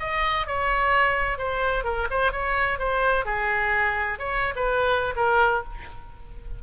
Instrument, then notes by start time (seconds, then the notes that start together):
oboe
0.00 D#5
0.47 C#5
1.38 C5
1.84 A#4
2.11 C5
2.32 C#5
2.79 C5
3.25 G#4
4.19 C#5
4.56 B4
5.16 A#4